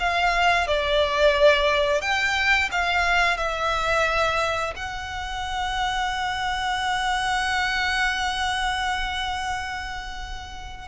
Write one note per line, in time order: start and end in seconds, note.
0.00 0.67 F5
0.67 2.01 D5
2.01 2.70 G5
2.72 3.37 F5
3.37 4.74 E5
4.76 10.88 F#5